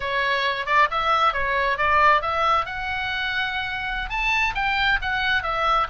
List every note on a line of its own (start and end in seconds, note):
0.00 0.65 C#5
0.65 0.88 D5
0.91 1.33 E5
1.33 1.77 C#5
1.77 2.21 D5
2.21 2.65 E5
2.65 4.09 F#5
4.09 4.54 A5
4.54 4.99 G5
5.01 5.42 F#5
5.42 5.87 E5